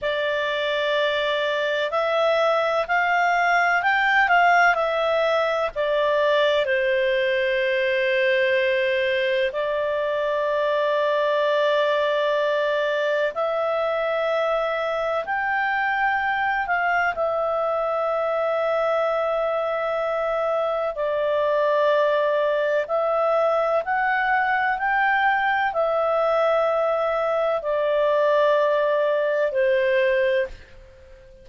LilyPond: \new Staff \with { instrumentName = "clarinet" } { \time 4/4 \tempo 4 = 63 d''2 e''4 f''4 | g''8 f''8 e''4 d''4 c''4~ | c''2 d''2~ | d''2 e''2 |
g''4. f''8 e''2~ | e''2 d''2 | e''4 fis''4 g''4 e''4~ | e''4 d''2 c''4 | }